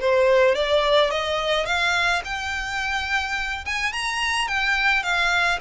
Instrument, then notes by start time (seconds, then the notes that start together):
violin
0.00 C5
0.55 D5
1.10 D#5
1.66 F5
2.24 G5
3.65 G#5
3.93 A#5
4.48 G5
5.03 F5